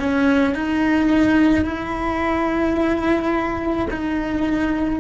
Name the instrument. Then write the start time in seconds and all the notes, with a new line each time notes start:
cello
0.00 C#4
0.55 D#4
1.65 E4
3.90 D#4